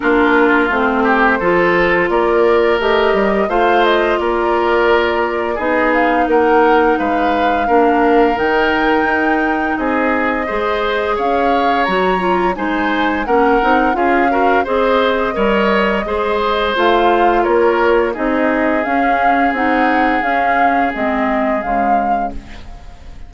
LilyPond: <<
  \new Staff \with { instrumentName = "flute" } { \time 4/4 \tempo 4 = 86 ais'4 c''2 d''4 | dis''4 f''8 dis''8 d''2 | dis''8 f''8 fis''4 f''2 | g''2 dis''2 |
f''4 ais''4 gis''4 fis''4 | f''4 dis''2. | f''4 cis''4 dis''4 f''4 | fis''4 f''4 dis''4 f''4 | }
  \new Staff \with { instrumentName = "oboe" } { \time 4/4 f'4. g'8 a'4 ais'4~ | ais'4 c''4 ais'2 | gis'4 ais'4 b'4 ais'4~ | ais'2 gis'4 c''4 |
cis''2 c''4 ais'4 | gis'8 ais'8 c''4 cis''4 c''4~ | c''4 ais'4 gis'2~ | gis'1 | }
  \new Staff \with { instrumentName = "clarinet" } { \time 4/4 d'4 c'4 f'2 | g'4 f'2. | dis'2. d'4 | dis'2. gis'4~ |
gis'4 fis'8 f'8 dis'4 cis'8 dis'8 | f'8 fis'8 gis'4 ais'4 gis'4 | f'2 dis'4 cis'4 | dis'4 cis'4 c'4 gis4 | }
  \new Staff \with { instrumentName = "bassoon" } { \time 4/4 ais4 a4 f4 ais4 | a8 g8 a4 ais2 | b4 ais4 gis4 ais4 | dis4 dis'4 c'4 gis4 |
cis'4 fis4 gis4 ais8 c'8 | cis'4 c'4 g4 gis4 | a4 ais4 c'4 cis'4 | c'4 cis'4 gis4 cis4 | }
>>